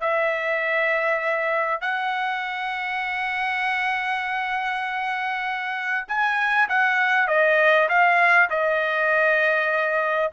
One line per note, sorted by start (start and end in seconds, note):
0.00 1.81 E5
1.81 6.05 F#5
6.07 6.68 G#5
6.68 7.27 F#5
7.27 7.88 D#5
7.88 8.49 F5
8.49 10.31 D#5